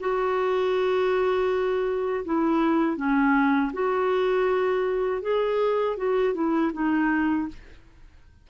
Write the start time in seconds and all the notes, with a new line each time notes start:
0.00 F#4
2.25 E4
2.97 C#4
3.73 F#4
5.22 G#4
5.97 F#4
6.34 E4
6.73 D#4